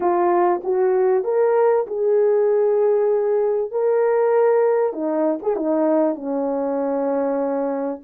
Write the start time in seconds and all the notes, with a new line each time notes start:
0.00 F4
0.63 F#4
1.24 A#4
1.87 G#4
3.71 A#4
4.92 D#4
5.42 G#4
5.56 D#4
6.15 C#4